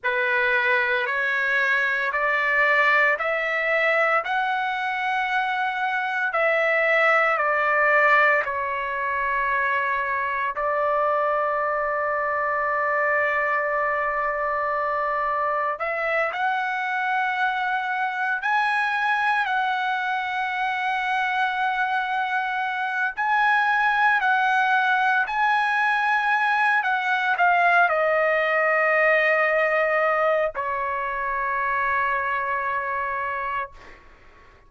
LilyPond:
\new Staff \with { instrumentName = "trumpet" } { \time 4/4 \tempo 4 = 57 b'4 cis''4 d''4 e''4 | fis''2 e''4 d''4 | cis''2 d''2~ | d''2. e''8 fis''8~ |
fis''4. gis''4 fis''4.~ | fis''2 gis''4 fis''4 | gis''4. fis''8 f''8 dis''4.~ | dis''4 cis''2. | }